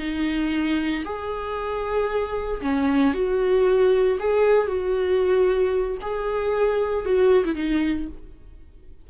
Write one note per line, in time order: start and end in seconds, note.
0.00 1.04 D#4
1.05 2.62 G#4
2.62 3.14 C#4
3.14 4.19 F#4
4.20 4.68 G#4
4.68 5.98 F#4
6.02 7.06 G#4
7.06 7.45 F#4
7.45 7.56 E4
7.56 8.08 D#4